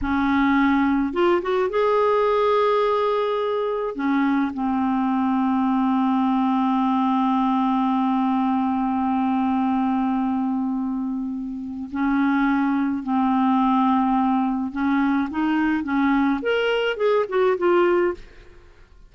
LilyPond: \new Staff \with { instrumentName = "clarinet" } { \time 4/4 \tempo 4 = 106 cis'2 f'8 fis'8 gis'4~ | gis'2. cis'4 | c'1~ | c'1~ |
c'1~ | c'4 cis'2 c'4~ | c'2 cis'4 dis'4 | cis'4 ais'4 gis'8 fis'8 f'4 | }